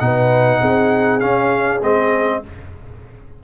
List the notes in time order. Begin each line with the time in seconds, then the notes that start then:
0.00 B2 D#4 B4 F#5
0.61 C4 G#4
1.20 C#4 F5
1.83 G#3 C4 D#5